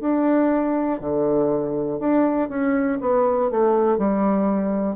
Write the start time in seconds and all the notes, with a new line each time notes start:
0.00 D4
1.00 D3
1.99 D4
2.49 C#4
3.00 B3
3.50 A3
3.97 G3